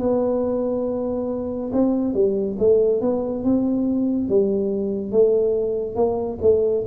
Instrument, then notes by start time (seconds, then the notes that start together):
tuba
0.00 B3
1.73 C4
2.14 G3
2.59 A3
3.01 B3
3.44 C4
4.29 G3
5.12 A3
5.96 A#3
6.42 A3